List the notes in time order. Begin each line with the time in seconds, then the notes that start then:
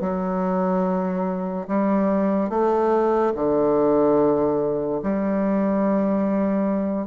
0.00 F#3
1.67 G3
2.49 A3
3.35 D3
5.02 G3